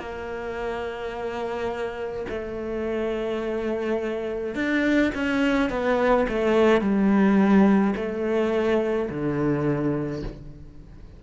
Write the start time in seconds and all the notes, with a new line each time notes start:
0.00 A#3
2.30 A3
4.55 D4
5.15 C#4
5.70 B3
6.29 A3
6.81 G3
7.96 A3
9.10 D3